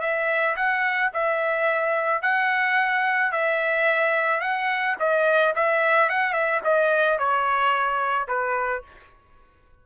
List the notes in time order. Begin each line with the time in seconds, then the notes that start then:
0.00 E5
0.56 F#5
1.13 E5
2.22 F#5
3.32 E5
4.41 F#5
4.99 D#5
5.55 E5
6.10 F#5
6.33 E5
6.64 D#5
7.18 C#5
8.28 B4